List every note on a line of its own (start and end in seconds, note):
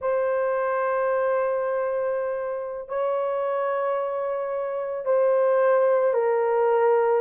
0.01 2.88 C5
2.88 5.05 C#5
5.05 6.13 C5
6.13 7.21 A#4